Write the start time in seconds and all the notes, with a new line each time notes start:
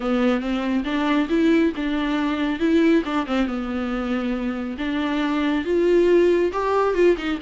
0.00 B3
0.40 C4
0.84 D4
1.29 E4
1.75 D4
2.59 E4
3.05 D4
3.26 C4
3.46 B3
4.77 D4
5.65 F4
6.52 G4
6.94 F4
7.17 D#4